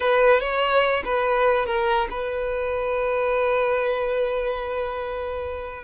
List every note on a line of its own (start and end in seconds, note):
0.00 0.40 B4
0.40 1.03 C#5
1.04 1.66 B4
1.66 2.07 A#4
2.10 5.84 B4